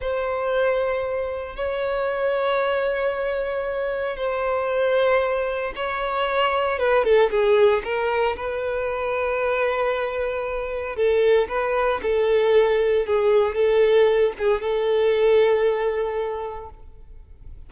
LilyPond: \new Staff \with { instrumentName = "violin" } { \time 4/4 \tempo 4 = 115 c''2. cis''4~ | cis''1 | c''2. cis''4~ | cis''4 b'8 a'8 gis'4 ais'4 |
b'1~ | b'4 a'4 b'4 a'4~ | a'4 gis'4 a'4. gis'8 | a'1 | }